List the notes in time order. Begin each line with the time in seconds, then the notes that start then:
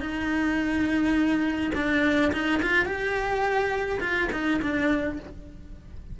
0.00 D#4
1.75 D4
2.32 D#4
2.62 F4
2.85 G4
4.00 F4
4.32 D#4
4.62 D4